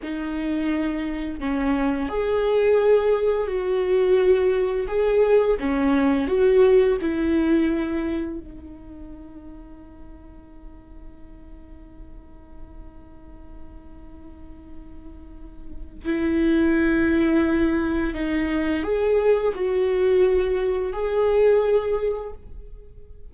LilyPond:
\new Staff \with { instrumentName = "viola" } { \time 4/4 \tempo 4 = 86 dis'2 cis'4 gis'4~ | gis'4 fis'2 gis'4 | cis'4 fis'4 e'2 | dis'1~ |
dis'1~ | dis'2. e'4~ | e'2 dis'4 gis'4 | fis'2 gis'2 | }